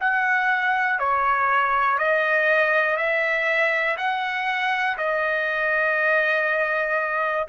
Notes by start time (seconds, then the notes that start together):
0.00 F#5
0.99 C#5
1.98 D#5
2.96 E5
3.97 F#5
4.98 D#5